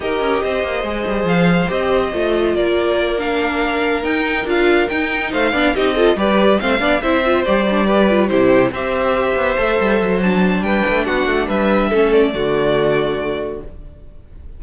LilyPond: <<
  \new Staff \with { instrumentName = "violin" } { \time 4/4 \tempo 4 = 141 dis''2. f''4 | dis''2 d''4. f''8~ | f''4. g''4 f''4 g''8~ | g''8 f''4 dis''4 d''4 f''8~ |
f''8 e''4 d''2 c''8~ | c''8 e''2.~ e''8 | a''4 g''4 fis''4 e''4~ | e''8 d''2.~ d''8 | }
  \new Staff \with { instrumentName = "violin" } { \time 4/4 ais'4 c''2.~ | c''2 ais'2~ | ais'1~ | ais'8 c''8 d''8 g'8 a'8 b'4 c''8 |
d''8 c''2 b'4 g'8~ | g'8 c''2.~ c''8~ | c''4 b'4 fis'4 b'4 | a'4 fis'2. | }
  \new Staff \with { instrumentName = "viola" } { \time 4/4 g'2 gis'2 | g'4 f'2~ f'8 d'8~ | d'4. dis'4 f'4 dis'8~ | dis'4 d'8 dis'8 f'8 g'4 c'8 |
d'8 e'8 f'8 g'8 d'8 g'8 f'8 e'8~ | e'8 g'2 a'4. | d'1 | cis'4 a2. | }
  \new Staff \with { instrumentName = "cello" } { \time 4/4 dis'8 cis'8 c'8 ais8 gis8 g8 f4 | c'4 a4 ais2~ | ais4. dis'4 d'4 dis'8~ | dis'8 a8 b8 c'4 g4 a8 |
b8 c'4 g2 c8~ | c8 c'4. b8 a8 g8 fis8~ | fis4 g8 a8 b8 a8 g4 | a4 d2. | }
>>